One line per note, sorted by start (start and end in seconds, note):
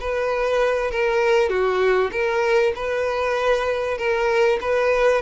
0.00 0.91 B4
0.91 1.49 A#4
1.49 2.10 F#4
2.12 2.73 A#4
2.75 3.98 B4
3.98 4.59 A#4
4.61 5.22 B4